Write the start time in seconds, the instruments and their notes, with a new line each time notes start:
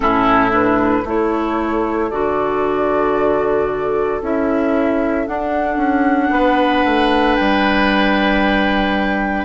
0.00 bassoon A2, clarinet C#4, oboe E4, flute A4
0.50 clarinet D4, flute B4
1.04 bassoon A3, clarinet E4, oboe A4, flute C#5
2.10 bassoon D3, clarinet F#4, flute D5
4.21 bassoon C#4, clarinet E4, flute E5
5.27 clarinet D4, bassoon D4, flute F#5
5.76 bassoon C#4
6.30 bassoon B3, oboe B4
6.84 bassoon A3
7.35 bassoon G3, flute G5